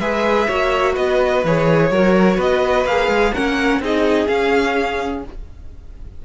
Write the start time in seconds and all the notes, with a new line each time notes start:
0.00 G#3 G#4 B4 E5
0.48 A#3 F#4 C#5
0.93 B3 B4 D#5
1.44 E3 G#4 C#5
1.91 F#3 F#4 A#4
2.37 B3 B4 D#5
2.86 A#3 G#4 F5
3.08 G#3
3.34 A#3 C#4 A#4 F#5
3.80 C4 D#4 G#4 D#5
4.28 C#4 F5